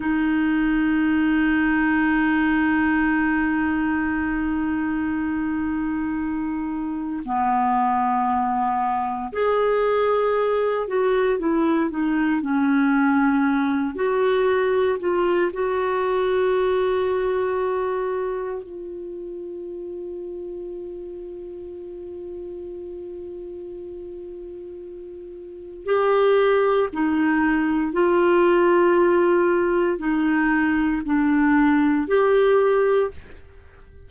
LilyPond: \new Staff \with { instrumentName = "clarinet" } { \time 4/4 \tempo 4 = 58 dis'1~ | dis'2. b4~ | b4 gis'4. fis'8 e'8 dis'8 | cis'4. fis'4 f'8 fis'4~ |
fis'2 f'2~ | f'1~ | f'4 g'4 dis'4 f'4~ | f'4 dis'4 d'4 g'4 | }